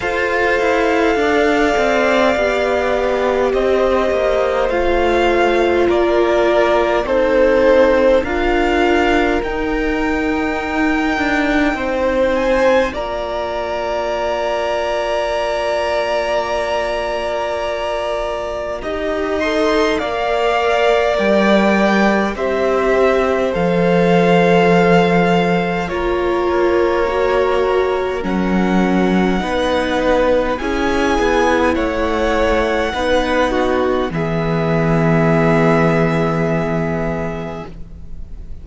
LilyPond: <<
  \new Staff \with { instrumentName = "violin" } { \time 4/4 \tempo 4 = 51 f''2. dis''4 | f''4 d''4 c''4 f''4 | g''2~ g''8 gis''8 ais''4~ | ais''1~ |
ais''8 c'''8 f''4 g''4 e''4 | f''2 cis''2 | fis''2 gis''4 fis''4~ | fis''4 e''2. | }
  \new Staff \with { instrumentName = "violin" } { \time 4/4 c''4 d''2 c''4~ | c''4 ais'4 a'4 ais'4~ | ais'2 c''4 d''4~ | d''1 |
dis''4 d''2 c''4~ | c''2 ais'2~ | ais'4 b'4 gis'4 cis''4 | b'8 fis'8 gis'2. | }
  \new Staff \with { instrumentName = "viola" } { \time 4/4 a'2 g'2 | f'2 dis'4 f'4 | dis'2. f'4~ | f'1 |
g'8 a'8 ais'2 g'4 | a'2 f'4 fis'4 | cis'4 dis'4 e'2 | dis'4 b2. | }
  \new Staff \with { instrumentName = "cello" } { \time 4/4 f'8 e'8 d'8 c'8 b4 c'8 ais8 | a4 ais4 c'4 d'4 | dis'4. d'8 c'4 ais4~ | ais1 |
dis'4 ais4 g4 c'4 | f2 ais2 | fis4 b4 cis'8 b8 a4 | b4 e2. | }
>>